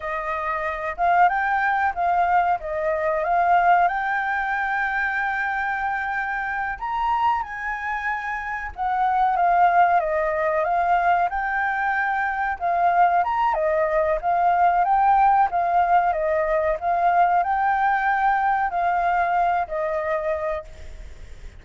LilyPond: \new Staff \with { instrumentName = "flute" } { \time 4/4 \tempo 4 = 93 dis''4. f''8 g''4 f''4 | dis''4 f''4 g''2~ | g''2~ g''8 ais''4 gis''8~ | gis''4. fis''4 f''4 dis''8~ |
dis''8 f''4 g''2 f''8~ | f''8 ais''8 dis''4 f''4 g''4 | f''4 dis''4 f''4 g''4~ | g''4 f''4. dis''4. | }